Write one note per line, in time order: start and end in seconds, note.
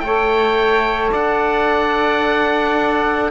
0.00 1.10 A3
0.00 3.31 A4
0.00 1.12 C#5
0.00 1.09 G5
1.12 3.31 D4
1.12 3.30 D5
1.12 3.31 F#5